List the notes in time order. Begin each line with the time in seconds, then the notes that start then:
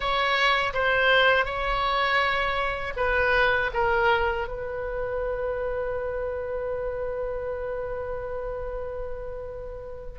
0.00 C#5
0.73 C5
1.45 C#5
2.96 B4
3.73 A#4
4.47 B4